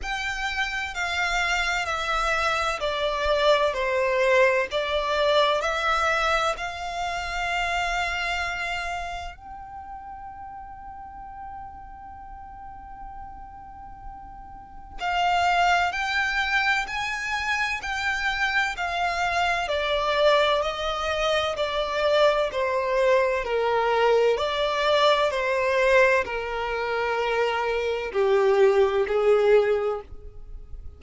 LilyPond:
\new Staff \with { instrumentName = "violin" } { \time 4/4 \tempo 4 = 64 g''4 f''4 e''4 d''4 | c''4 d''4 e''4 f''4~ | f''2 g''2~ | g''1 |
f''4 g''4 gis''4 g''4 | f''4 d''4 dis''4 d''4 | c''4 ais'4 d''4 c''4 | ais'2 g'4 gis'4 | }